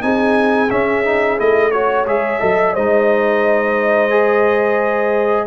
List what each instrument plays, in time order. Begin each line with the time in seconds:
0.00 tuba C4, trombone D#4, horn G#4, trumpet G#5
0.70 trombone C#4, tuba C#4, trumpet E5
1.04 trombone D#4
1.37 tuba A3, trombone E4, trumpet D#5
1.71 trombone F#4, trumpet C#5, horn C#5
2.06 tuba G#3, trombone G#4, trumpet E5
2.40 tuba F#3, trombone A4, horn D#5
2.74 tuba G#3, trombone D#4, horn C5, trumpet D#5
4.10 trombone G#4